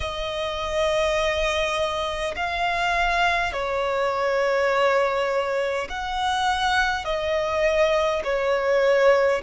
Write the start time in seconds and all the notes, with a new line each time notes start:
0.00 D#5
2.35 F5
3.52 C#5
5.89 F#5
7.04 D#5
8.24 C#5